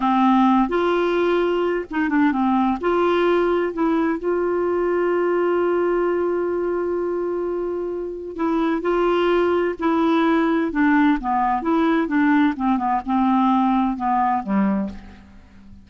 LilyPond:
\new Staff \with { instrumentName = "clarinet" } { \time 4/4 \tempo 4 = 129 c'4. f'2~ f'8 | dis'8 d'8 c'4 f'2 | e'4 f'2.~ | f'1~ |
f'2 e'4 f'4~ | f'4 e'2 d'4 | b4 e'4 d'4 c'8 b8 | c'2 b4 g4 | }